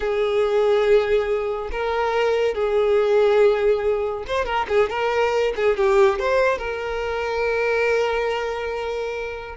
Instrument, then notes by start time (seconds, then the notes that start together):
violin
0.00 G#4
1.71 A#4
2.54 G#4
4.27 C5
4.45 A#4
4.68 G#4
4.89 A#4
5.56 G#4
5.77 G4
6.19 C5
6.58 A#4